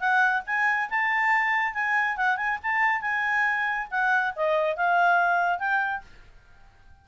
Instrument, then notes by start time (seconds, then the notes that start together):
clarinet
0.00 F#5
0.47 G#5
0.90 A5
1.74 G#5
2.17 F#5
2.37 G#5
2.63 A5
3.01 G#5
3.91 F#5
4.36 D#5
4.77 F5
5.59 G5